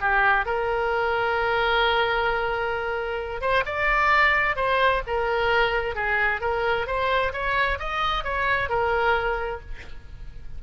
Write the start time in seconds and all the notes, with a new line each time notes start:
0.00 G4
0.45 A#4
3.41 C5
3.65 D5
4.56 C5
5.07 A#4
5.95 G#4
6.40 A#4
6.86 C5
7.32 C#5
7.79 D#5
8.24 C#5
8.69 A#4